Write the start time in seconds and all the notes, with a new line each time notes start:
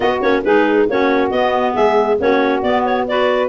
0.00 B3 F#4 D#5
0.21 A#3 C#4 C#5
0.44 G#3 D#4 G#4 B4
0.88 A#3 C#4 F#4 C#5
1.30 B3 D#5
1.73 G#3 G#4 E5
2.18 A#3 C#4 F#4 C#5
2.62 B3 D5
2.85 C#5
3.07 F#4 B4 D5